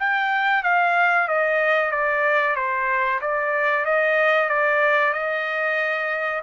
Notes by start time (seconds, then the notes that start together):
0.00 G5
0.64 F5
1.28 D#5
1.92 D5
2.56 C5
3.22 D5
3.86 D#5
4.50 D5
5.13 D#5